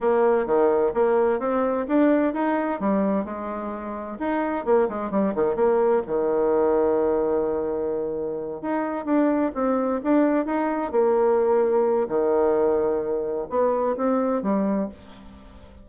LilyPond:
\new Staff \with { instrumentName = "bassoon" } { \time 4/4 \tempo 4 = 129 ais4 dis4 ais4 c'4 | d'4 dis'4 g4 gis4~ | gis4 dis'4 ais8 gis8 g8 dis8 | ais4 dis2.~ |
dis2~ dis8 dis'4 d'8~ | d'8 c'4 d'4 dis'4 ais8~ | ais2 dis2~ | dis4 b4 c'4 g4 | }